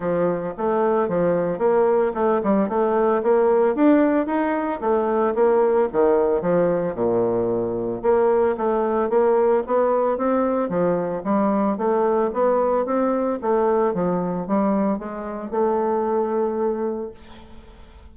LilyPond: \new Staff \with { instrumentName = "bassoon" } { \time 4/4 \tempo 4 = 112 f4 a4 f4 ais4 | a8 g8 a4 ais4 d'4 | dis'4 a4 ais4 dis4 | f4 ais,2 ais4 |
a4 ais4 b4 c'4 | f4 g4 a4 b4 | c'4 a4 f4 g4 | gis4 a2. | }